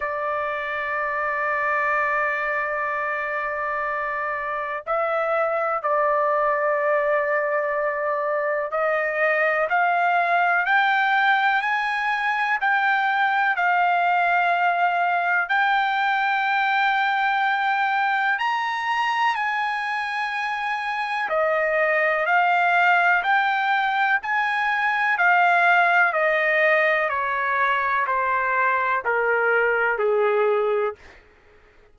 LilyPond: \new Staff \with { instrumentName = "trumpet" } { \time 4/4 \tempo 4 = 62 d''1~ | d''4 e''4 d''2~ | d''4 dis''4 f''4 g''4 | gis''4 g''4 f''2 |
g''2. ais''4 | gis''2 dis''4 f''4 | g''4 gis''4 f''4 dis''4 | cis''4 c''4 ais'4 gis'4 | }